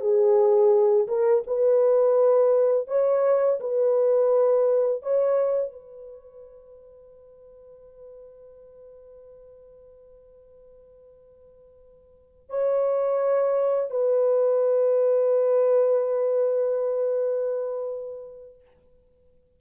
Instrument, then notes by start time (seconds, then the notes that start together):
horn
0.00 G#4
1.07 A#4
1.47 B4
2.87 C#5
3.60 B4
5.02 C#5
5.72 B4
12.49 C#5
13.90 B4